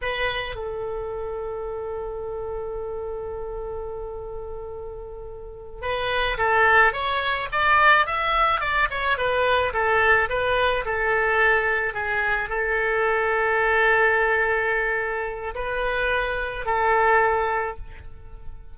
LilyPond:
\new Staff \with { instrumentName = "oboe" } { \time 4/4 \tempo 4 = 108 b'4 a'2.~ | a'1~ | a'2~ a'8 b'4 a'8~ | a'8 cis''4 d''4 e''4 d''8 |
cis''8 b'4 a'4 b'4 a'8~ | a'4. gis'4 a'4.~ | a'1 | b'2 a'2 | }